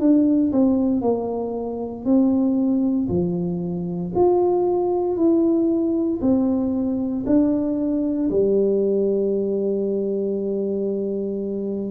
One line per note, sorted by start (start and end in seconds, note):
0.00 0.52 D4
0.52 1.02 C4
1.02 2.05 A#3
2.05 3.08 C4
3.08 4.12 F3
4.15 5.17 F4
5.17 6.20 E4
6.22 7.25 C4
7.26 8.29 D4
8.30 11.91 G3